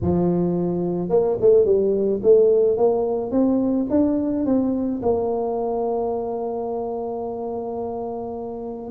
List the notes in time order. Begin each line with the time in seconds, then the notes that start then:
0.01 F3
1.09 A#3
1.40 A3
1.65 G3
2.22 A3
2.77 A#3
3.31 C4
3.90 D4
4.45 C4
5.02 A#3